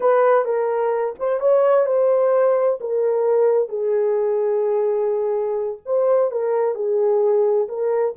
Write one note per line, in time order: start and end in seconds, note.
0.00 0.45 B4
0.45 1.14 A#4
1.19 1.40 C5
1.40 1.86 C#5
1.86 2.79 C5
2.80 3.68 A#4
3.68 5.78 G#4
5.85 6.31 C5
6.31 6.74 A#4
6.74 7.67 G#4
7.68 8.15 A#4